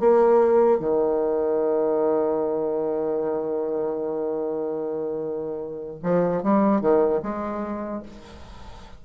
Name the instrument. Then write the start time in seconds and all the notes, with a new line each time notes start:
bassoon
0.00 A#3
0.80 D#3
6.03 F3
6.43 G3
6.81 D#3
7.23 G#3